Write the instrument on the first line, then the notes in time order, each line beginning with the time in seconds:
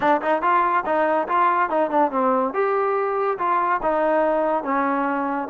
trombone
0.00 D4
0.21 D#4
0.41 F4
0.85 D#4
1.28 F4
1.69 D#4
1.90 D4
2.11 C4
2.53 G4
3.38 F4
3.82 D#4
4.63 C#4